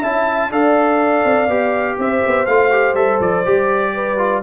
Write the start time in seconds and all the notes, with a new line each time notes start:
0.00 C#4 E4 E5 A5
0.50 D4 A4 D5 F5
1.24 C4
1.47 B3 G4
1.98 C4 C5 E5
2.26 B3
2.45 A3 F4 F5
2.71 G4
2.94 G3 A4 E5
3.20 F3 D5
3.45 G3 G4
3.94 B4
4.18 F4